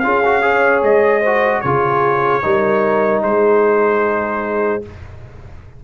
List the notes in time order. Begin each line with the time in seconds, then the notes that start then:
0.00 C#4 F4 G#4 F5
0.25 F#4
0.42 G#4 C#5
0.83 G#3 D#5
1.21 F#4 C5
1.61 C#3 F4 G#4 C#5
2.42 G3 D#4 A#4
3.23 G#3 G#4 C5